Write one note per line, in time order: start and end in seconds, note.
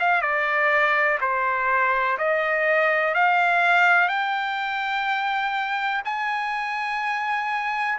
0.00 0.22 F5
0.22 1.19 D5
1.21 2.18 C5
2.18 3.15 D#5
3.15 4.09 F5
4.09 6.02 G5
6.05 7.99 G#5